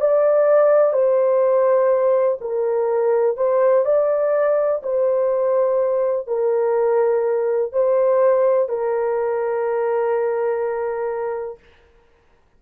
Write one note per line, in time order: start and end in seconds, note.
0.00 0.92 D5
0.92 2.38 C5
2.41 3.37 A#4
3.37 3.85 C5
3.85 4.82 D5
4.83 6.27 C5
6.27 7.72 A#4
7.72 8.69 C5
8.69 11.59 A#4